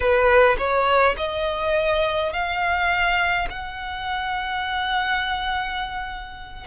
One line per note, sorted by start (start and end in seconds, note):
0.00 0.56 B4
0.58 1.15 C#5
1.17 2.32 D#5
2.32 3.48 F5
3.49 6.66 F#5